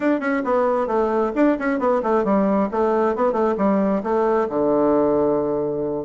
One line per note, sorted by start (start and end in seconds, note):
0.00 0.20 D4
0.20 0.42 C#4
0.44 0.87 B3
0.87 1.31 A3
1.35 1.57 D4
1.59 1.79 C#4
1.79 2.01 B3
2.02 2.24 A3
2.24 2.69 G3
2.71 3.15 A3
3.15 3.32 B3
3.32 3.54 A3
3.57 4.02 G3
4.03 4.48 A3
4.49 6.05 D3